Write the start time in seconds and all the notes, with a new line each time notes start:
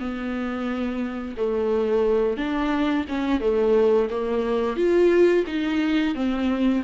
0.00 B3
1.37 A3
2.37 D4
3.09 C#4
3.41 A3
4.11 A#3
4.77 F4
5.47 D#4
6.15 C4